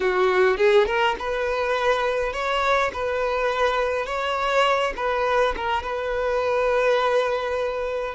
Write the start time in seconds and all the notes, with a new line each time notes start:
0.00 F#4
0.57 G#4
0.86 A#4
1.18 B4
2.32 C#5
2.93 B4
4.06 C#5
4.96 B4
5.56 A#4
5.83 B4